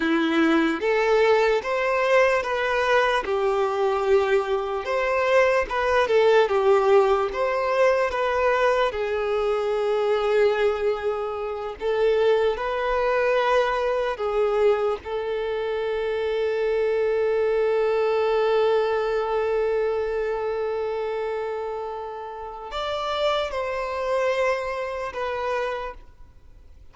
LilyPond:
\new Staff \with { instrumentName = "violin" } { \time 4/4 \tempo 4 = 74 e'4 a'4 c''4 b'4 | g'2 c''4 b'8 a'8 | g'4 c''4 b'4 gis'4~ | gis'2~ gis'8 a'4 b'8~ |
b'4. gis'4 a'4.~ | a'1~ | a'1 | d''4 c''2 b'4 | }